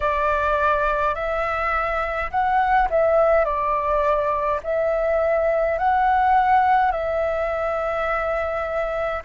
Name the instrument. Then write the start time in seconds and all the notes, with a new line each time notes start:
flute
0.00 D5
1.14 E5
2.30 F#5
2.90 E5
3.45 D5
4.63 E5
5.78 F#5
6.91 E5